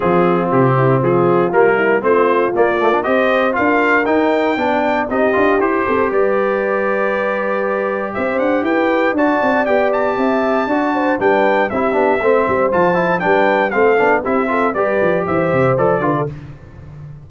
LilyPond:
<<
  \new Staff \with { instrumentName = "trumpet" } { \time 4/4 \tempo 4 = 118 gis'4 g'4 gis'4 ais'4 | c''4 d''4 dis''4 f''4 | g''2 dis''4 c''4 | d''1 |
e''8 fis''8 g''4 a''4 g''8 a''8~ | a''2 g''4 e''4~ | e''4 a''4 g''4 f''4 | e''4 d''4 e''4 d''4 | }
  \new Staff \with { instrumentName = "horn" } { \time 4/4 f'4. e'8 f'4. e'8 | f'2 c''4 ais'4~ | ais'4 d''4 g'4. a'8 | b'1 |
c''4 b'4 d''2 | e''4 d''8 c''8 b'4 g'4 | c''2 b'4 a'4 | g'8 a'8 b'4 c''4. b'16 a'16 | }
  \new Staff \with { instrumentName = "trombone" } { \time 4/4 c'2. ais4 | c'4 ais8 a16 d'16 g'4 f'4 | dis'4 d'4 dis'8 f'8 g'4~ | g'1~ |
g'2 fis'4 g'4~ | g'4 fis'4 d'4 e'8 d'8 | c'4 f'8 e'8 d'4 c'8 d'8 | e'8 f'8 g'2 a'8 f'8 | }
  \new Staff \with { instrumentName = "tuba" } { \time 4/4 f4 c4 f4 g4 | a4 ais4 c'4 d'4 | dis'4 b4 c'8 d'8 e'8 c'8 | g1 |
c'8 d'8 e'4 d'8 c'8 b4 | c'4 d'4 g4 c'8 b8 | a8 g8 f4 g4 a8 b8 | c'4 g8 f8 e8 c8 f8 d8 | }
>>